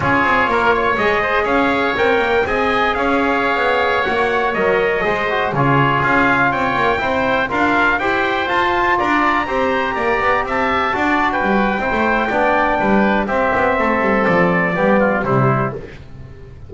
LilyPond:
<<
  \new Staff \with { instrumentName = "trumpet" } { \time 4/4 \tempo 4 = 122 cis''2 dis''4 f''4 | g''4 gis''4 f''2~ | f''16 fis''4 dis''2 cis''8.~ | cis''16 f''4 g''2 f''8.~ |
f''16 g''4 a''4 ais''4.~ ais''16~ | ais''4~ ais''16 a''4.~ a''16 g''4~ | g''2. e''4~ | e''4 d''2 c''4 | }
  \new Staff \with { instrumentName = "oboe" } { \time 4/4 gis'4 ais'8 cis''4 c''8 cis''4~ | cis''4 dis''4 cis''2~ | cis''2~ cis''16 c''4 gis'8.~ | gis'4~ gis'16 cis''4 c''4 ais'8.~ |
ais'16 c''2 d''4 c''8.~ | c''16 d''4 e''4 d''8. b'4 | c''4 d''4 b'4 g'4 | a'2 g'8 f'8 e'4 | }
  \new Staff \with { instrumentName = "trombone" } { \time 4/4 f'2 gis'2 | ais'4 gis'2.~ | gis'16 fis'4 ais'4 gis'8 fis'8 f'8.~ | f'2~ f'16 e'4 f'8.~ |
f'16 g'4 f'2 g'8.~ | g'2~ g'16 fis'4.~ fis'16 | e'4 d'2 c'4~ | c'2 b4 g4 | }
  \new Staff \with { instrumentName = "double bass" } { \time 4/4 cis'8 c'8 ais4 gis4 cis'4 | c'8 ais8 c'4 cis'4~ cis'16 b8.~ | b16 ais4 fis4 gis4 cis8.~ | cis16 cis'4 c'8 ais8 c'4 d'8.~ |
d'16 e'4 f'4 d'4 c'8.~ | c'16 ais8 b8 c'4 d'4 g8. | c'16 a8. b4 g4 c'8 b8 | a8 g8 f4 g4 c4 | }
>>